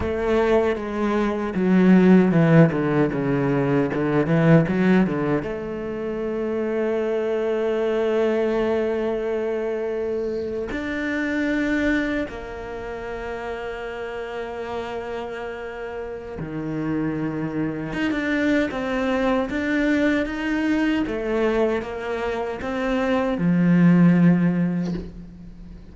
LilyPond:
\new Staff \with { instrumentName = "cello" } { \time 4/4 \tempo 4 = 77 a4 gis4 fis4 e8 d8 | cis4 d8 e8 fis8 d8 a4~ | a1~ | a4.~ a16 d'2 ais16~ |
ais1~ | ais4 dis2 dis'16 d'8. | c'4 d'4 dis'4 a4 | ais4 c'4 f2 | }